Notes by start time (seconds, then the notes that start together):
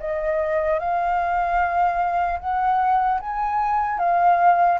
0.00 D#5
0.80 F5
2.40 F#5
3.20 G#5
3.99 F5